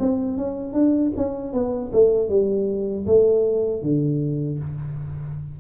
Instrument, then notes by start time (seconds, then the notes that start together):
tuba
0.00 C4
0.38 C#4
0.73 D4
1.17 C#4
1.53 B3
1.93 A3
2.29 G3
3.06 A3
3.83 D3